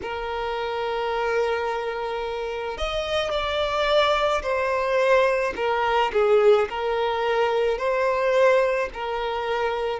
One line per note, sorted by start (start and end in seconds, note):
0.02 2.77 A#4
2.77 3.30 D#5
3.30 4.41 D5
4.42 5.53 C5
5.56 6.11 A#4
6.12 6.68 G#4
6.69 7.78 A#4
7.78 8.89 C5
8.93 9.99 A#4